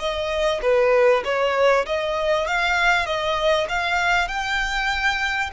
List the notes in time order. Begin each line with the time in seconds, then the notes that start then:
0.00 D#5
0.62 B4
1.25 C#5
1.86 D#5
2.48 F5
3.07 D#5
3.69 F5
4.29 G5